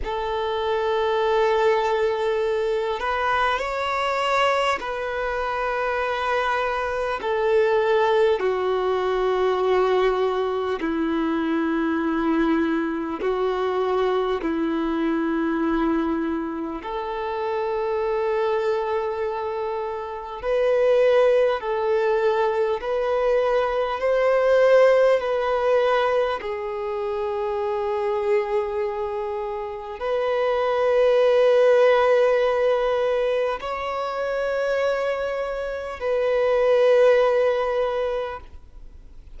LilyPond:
\new Staff \with { instrumentName = "violin" } { \time 4/4 \tempo 4 = 50 a'2~ a'8 b'8 cis''4 | b'2 a'4 fis'4~ | fis'4 e'2 fis'4 | e'2 a'2~ |
a'4 b'4 a'4 b'4 | c''4 b'4 gis'2~ | gis'4 b'2. | cis''2 b'2 | }